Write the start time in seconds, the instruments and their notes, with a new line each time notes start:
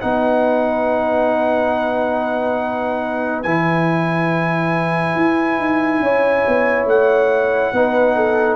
0.00 tuba B3, trombone D#4, horn B4, trumpet F#5
3.42 tuba E3, trombone E4, trumpet G#5
5.16 tuba E4
5.58 tuba D#4
5.99 tuba C#4, horn C#5
6.47 tuba B3
6.85 tuba A3, trumpet F#5
7.72 tuba B3, trombone D#4, horn B4
8.16 horn A4